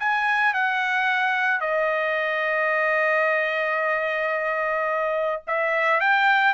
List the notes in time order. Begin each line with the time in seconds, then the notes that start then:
0.00 G#5
0.54 F#5
1.61 D#5
5.48 E5
6.01 G5